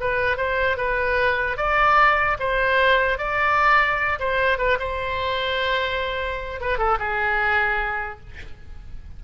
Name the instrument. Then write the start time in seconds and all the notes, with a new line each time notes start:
oboe
0.00 B4
0.37 C5
0.77 B4
1.57 D5
2.39 C5
3.18 D5
4.19 C5
4.58 B4
4.79 C5
6.60 B4
6.78 A4
6.99 G#4